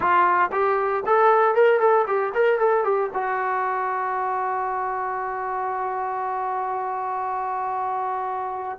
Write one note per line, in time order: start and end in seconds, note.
0.00 0.50 F4
0.52 1.03 G4
1.06 1.54 A4
1.54 1.79 A#4
1.79 2.05 A4
2.07 2.33 G4
2.34 2.58 A#4
2.58 2.84 A4
2.84 3.09 G4
3.13 8.78 F#4